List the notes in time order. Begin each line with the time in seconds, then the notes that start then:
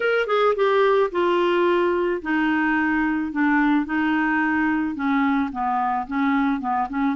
0.00 A#4
0.27 G#4
0.55 G4
1.11 F4
2.22 D#4
3.32 D4
3.85 D#4
4.95 C#4
5.51 B3
6.07 C#4
6.60 B3
6.89 C#4